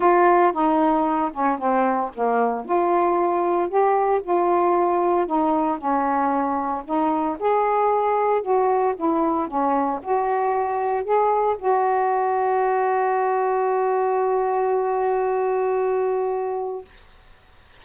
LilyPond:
\new Staff \with { instrumentName = "saxophone" } { \time 4/4 \tempo 4 = 114 f'4 dis'4. cis'8 c'4 | ais4 f'2 g'4 | f'2 dis'4 cis'4~ | cis'4 dis'4 gis'2 |
fis'4 e'4 cis'4 fis'4~ | fis'4 gis'4 fis'2~ | fis'1~ | fis'1 | }